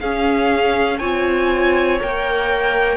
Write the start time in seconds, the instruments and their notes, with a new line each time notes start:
0.00 cello C#4, viola C#4, violin G#4 F5
0.98 cello C4, viola F4, violin C#5 G#5
2.00 cello A#3, viola A#4, violin G5